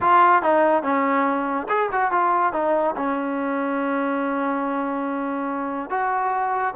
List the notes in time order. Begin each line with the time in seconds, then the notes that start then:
0.00 F4
0.42 D#4
0.82 C#4
1.68 G#4
1.92 F#4
2.11 F4
2.52 D#4
2.96 C#4
5.90 F#4